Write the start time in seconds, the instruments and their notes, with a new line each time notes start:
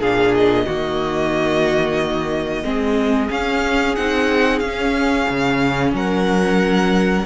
0.00 cello A#2, viola D4, violin G#4 F5
0.34 violin D#5
0.66 cello D#3, viola A#3, violin F#4
2.64 cello G#3, viola C4, violin G#4
3.29 viola C#4, cello C#4, violin F5
3.95 cello C4, viola D#4, violin F#5
4.59 cello C#4, viola C#4, violin F5
5.29 cello C#3
5.93 cello F#3, violin A#4 F#5